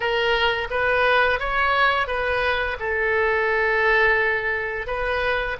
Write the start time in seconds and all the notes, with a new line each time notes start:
0.00 A#4
0.70 B4
1.39 C#5
2.07 B4
2.79 A4
4.86 B4